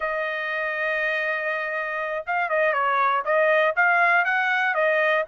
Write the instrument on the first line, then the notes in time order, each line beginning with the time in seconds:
trumpet
0.00 D#5
2.26 F5
2.49 D#5
2.73 C#5
3.25 D#5
3.75 F5
4.24 F#5
4.74 D#5